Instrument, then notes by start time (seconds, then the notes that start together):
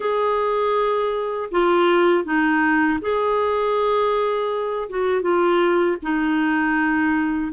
clarinet
0.00 G#4
1.51 F4
2.24 D#4
3.01 G#4
4.89 F#4
5.21 F4
6.02 D#4